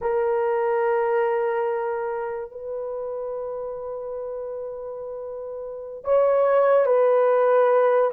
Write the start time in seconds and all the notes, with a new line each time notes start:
0.01 A#4
2.51 B4
6.04 C#5
6.86 B4